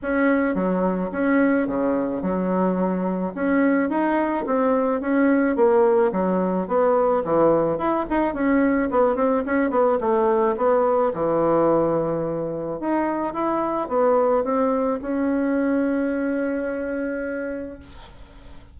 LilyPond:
\new Staff \with { instrumentName = "bassoon" } { \time 4/4 \tempo 4 = 108 cis'4 fis4 cis'4 cis4 | fis2 cis'4 dis'4 | c'4 cis'4 ais4 fis4 | b4 e4 e'8 dis'8 cis'4 |
b8 c'8 cis'8 b8 a4 b4 | e2. dis'4 | e'4 b4 c'4 cis'4~ | cis'1 | }